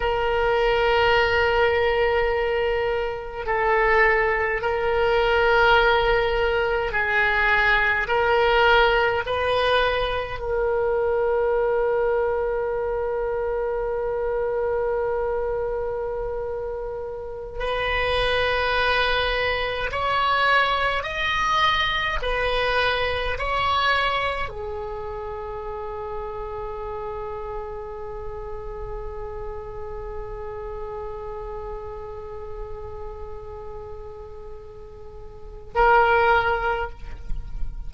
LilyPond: \new Staff \with { instrumentName = "oboe" } { \time 4/4 \tempo 4 = 52 ais'2. a'4 | ais'2 gis'4 ais'4 | b'4 ais'2.~ | ais'2.~ ais'16 b'8.~ |
b'4~ b'16 cis''4 dis''4 b'8.~ | b'16 cis''4 gis'2~ gis'8.~ | gis'1~ | gis'2. ais'4 | }